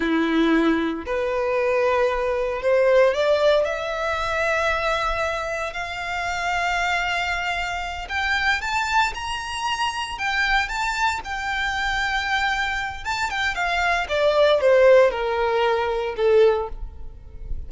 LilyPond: \new Staff \with { instrumentName = "violin" } { \time 4/4 \tempo 4 = 115 e'2 b'2~ | b'4 c''4 d''4 e''4~ | e''2. f''4~ | f''2.~ f''8 g''8~ |
g''8 a''4 ais''2 g''8~ | g''8 a''4 g''2~ g''8~ | g''4 a''8 g''8 f''4 d''4 | c''4 ais'2 a'4 | }